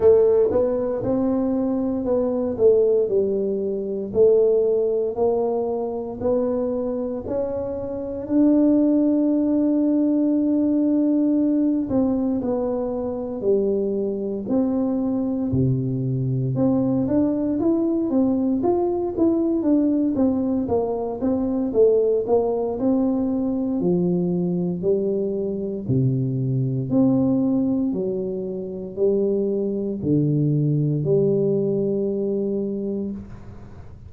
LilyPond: \new Staff \with { instrumentName = "tuba" } { \time 4/4 \tempo 4 = 58 a8 b8 c'4 b8 a8 g4 | a4 ais4 b4 cis'4 | d'2.~ d'8 c'8 | b4 g4 c'4 c4 |
c'8 d'8 e'8 c'8 f'8 e'8 d'8 c'8 | ais8 c'8 a8 ais8 c'4 f4 | g4 c4 c'4 fis4 | g4 d4 g2 | }